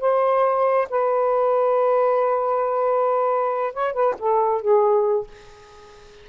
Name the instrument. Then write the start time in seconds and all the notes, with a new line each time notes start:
saxophone
0.00 C5
0.90 B4
3.73 C#5
3.93 B4
4.19 A4
4.61 G#4